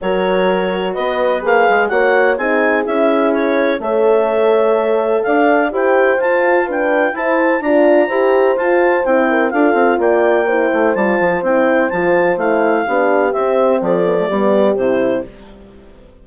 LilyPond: <<
  \new Staff \with { instrumentName = "clarinet" } { \time 4/4 \tempo 4 = 126 cis''2 dis''4 f''4 | fis''4 gis''4 e''4 cis''4 | e''2. f''4 | g''4 a''4 g''4 a''4 |
ais''2 a''4 g''4 | f''4 g''2 a''4 | g''4 a''4 f''2 | e''4 d''2 c''4 | }
  \new Staff \with { instrumentName = "horn" } { \time 4/4 ais'2 b'2 | cis''4 gis'2. | cis''2. d''4 | c''2 b'4 c''4 |
d''4 c''2~ c''8 ais'8 | a'4 d''4 c''2~ | c''2. g'4~ | g'4 a'4 g'2 | }
  \new Staff \with { instrumentName = "horn" } { \time 4/4 fis'2. gis'4 | fis'4 dis'4 e'2 | a'1 | g'4 f'4 d'4 e'4 |
f'4 g'4 f'4 e'4 | f'2 e'4 f'4 | e'4 f'4 e'4 d'4 | c'4. b16 a16 b4 e'4 | }
  \new Staff \with { instrumentName = "bassoon" } { \time 4/4 fis2 b4 ais8 gis8 | ais4 c'4 cis'2 | a2. d'4 | e'4 f'2 e'4 |
d'4 e'4 f'4 c'4 | d'8 c'8 ais4. a8 g8 f8 | c'4 f4 a4 b4 | c'4 f4 g4 c4 | }
>>